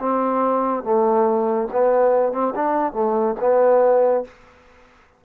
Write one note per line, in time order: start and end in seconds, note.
0.00 0.84 C4
0.84 1.68 A3
1.72 2.33 B3
2.33 2.54 C4
2.56 2.93 D4
2.93 3.35 A3
3.40 4.25 B3